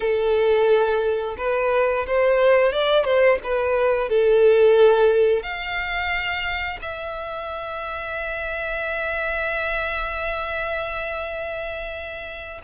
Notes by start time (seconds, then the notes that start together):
0.00 A4
1.37 B4
2.06 C5
2.72 D5
3.04 C5
3.43 B4
4.09 A4
5.42 F5
6.81 E5